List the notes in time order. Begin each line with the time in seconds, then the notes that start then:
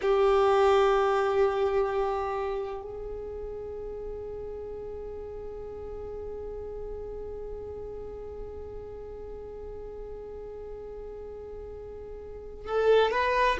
0.01 G4
2.81 G#4
12.66 A4
13.11 B4